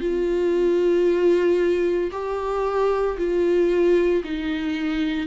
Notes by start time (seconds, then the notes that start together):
0.00 F4
2.11 G4
3.17 F4
4.23 D#4